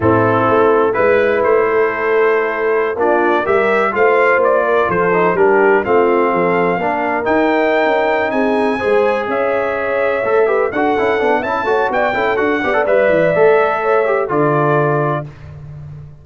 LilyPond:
<<
  \new Staff \with { instrumentName = "trumpet" } { \time 4/4 \tempo 4 = 126 a'2 b'4 c''4~ | c''2~ c''16 d''4 e''8.~ | e''16 f''4 d''4 c''4 ais'8.~ | ais'16 f''2. g''8.~ |
g''4. gis''2 e''8~ | e''2~ e''8 fis''4. | a''4 g''4 fis''4 e''4~ | e''2 d''2 | }
  \new Staff \with { instrumentName = "horn" } { \time 4/4 e'2 b'4. a'8~ | a'2~ a'16 f'4 ais'8.~ | ais'16 c''4. ais'8 a'4 g'8.~ | g'16 f'4 a'4 ais'4.~ ais'16~ |
ais'4. gis'4 c''4 cis''8~ | cis''2 b'8 a'4. | e''8 cis''8 d''8 a'4 d''4.~ | d''4 cis''4 a'2 | }
  \new Staff \with { instrumentName = "trombone" } { \time 4/4 c'2 e'2~ | e'2~ e'16 d'4 g'8.~ | g'16 f'2~ f'8 dis'8 d'8.~ | d'16 c'2 d'4 dis'8.~ |
dis'2~ dis'8 gis'4.~ | gis'4. a'8 g'8 fis'8 e'8 d'8 | e'8 fis'4 e'8 fis'8 g'16 a'16 b'4 | a'4. g'8 f'2 | }
  \new Staff \with { instrumentName = "tuba" } { \time 4/4 a,4 a4 gis4 a4~ | a2~ a16 ais4 g8.~ | g16 a4 ais4 f4 g8.~ | g16 a4 f4 ais4 dis'8.~ |
dis'8 cis'4 c'4 gis4 cis'8~ | cis'4. a4 d'8 cis'8 b8 | cis'8 a8 b8 cis'8 d'8 b8 g8 e8 | a2 d2 | }
>>